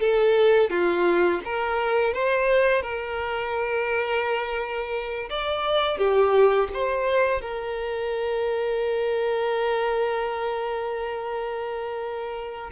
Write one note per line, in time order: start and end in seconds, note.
0.00 0.70 A4
0.70 1.40 F4
1.45 2.13 A#4
2.13 2.82 C5
2.82 5.29 A#4
5.30 5.98 D5
5.98 6.69 G4
6.73 7.41 C5
7.41 12.70 A#4